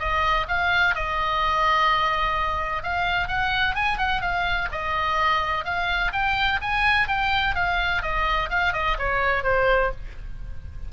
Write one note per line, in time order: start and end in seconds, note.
0.00 0.47 D#5
0.49 0.96 F5
0.96 2.83 D#5
2.83 3.28 F5
3.28 3.75 F#5
3.75 3.98 G#5
3.98 4.22 F#5
4.22 4.69 F5
4.72 5.65 D#5
5.65 6.12 F5
6.13 6.60 G5
6.62 7.08 G#5
7.08 7.55 G5
7.55 8.03 F5
8.03 8.50 D#5
8.50 8.74 F5
8.74 8.97 D#5
8.99 9.44 C#5
9.44 9.91 C5